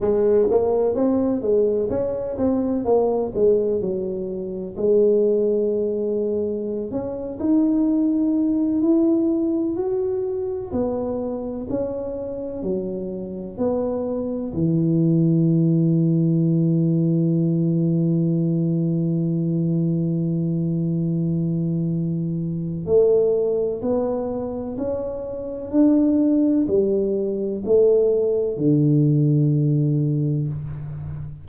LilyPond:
\new Staff \with { instrumentName = "tuba" } { \time 4/4 \tempo 4 = 63 gis8 ais8 c'8 gis8 cis'8 c'8 ais8 gis8 | fis4 gis2~ gis16 cis'8 dis'16~ | dis'4~ dis'16 e'4 fis'4 b8.~ | b16 cis'4 fis4 b4 e8.~ |
e1~ | e1 | a4 b4 cis'4 d'4 | g4 a4 d2 | }